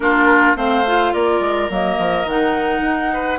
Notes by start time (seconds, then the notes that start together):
0.00 A#3 D4 F4 A#4
0.56 A3 C4 C5 F5
0.86 F4
1.13 A#3 A#4 D5
1.40 G#3
1.69 F#3 A#3 D#5
1.98 F3
2.24 D#3 D#4 F#5
2.80 D#4
3.13 B4